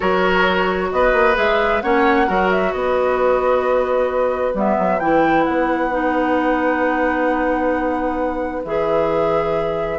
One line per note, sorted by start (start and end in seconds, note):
0.00 0.92 F#3
0.00 1.34 F#4
0.00 0.88 A#4
0.00 0.90 C#5
0.91 1.13 B3
0.91 1.83 B4
0.91 1.36 D#5
1.13 1.36 A#3
1.34 1.83 G#3
1.34 1.80 G#4
1.34 1.81 E5
1.81 2.28 A#3
1.81 2.27 C#4
1.81 2.27 C#5
1.81 2.49 F#5
2.27 2.73 F#3
2.27 4.54 F#4
2.27 2.72 A#4
2.50 2.72 E5
2.72 4.54 B3
2.72 9.98 B4
2.72 4.54 D#5
4.54 4.77 G3
4.54 5.00 B3
4.54 4.99 E5
4.78 5.00 F#3
4.99 5.45 E3
4.99 5.90 E4
4.99 5.44 G5
5.44 8.64 B3
5.44 8.62 F#5
5.90 8.63 D#4
8.64 9.98 E3
8.64 9.98 G#4
8.64 9.98 E5